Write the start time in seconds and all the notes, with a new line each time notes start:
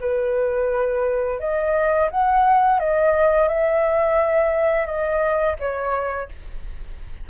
0.00 B4
1.39 D#5
2.10 F#5
2.79 D#5
3.48 E5
4.86 D#5
5.59 C#5